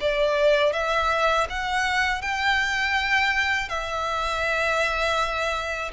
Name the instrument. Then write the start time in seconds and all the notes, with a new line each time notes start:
violin
0.00 D5
0.73 E5
1.49 F#5
2.21 G5
3.69 E5